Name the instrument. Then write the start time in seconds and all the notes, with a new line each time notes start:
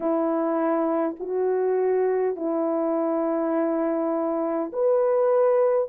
horn
0.00 E4
1.19 F#4
2.36 E4
4.73 B4